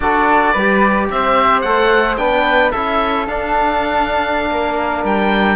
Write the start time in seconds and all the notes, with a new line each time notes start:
0.00 D4 F#4 A4 D5
0.52 G3 B4
0.58 G4
1.10 C4 C5 E5
1.61 A3 A4 F#5
2.17 B3 D4 B4 G5
2.71 C#4 E4 A4 E5
3.27 D4 F5
4.50 A#3 A#4
5.04 G3 G5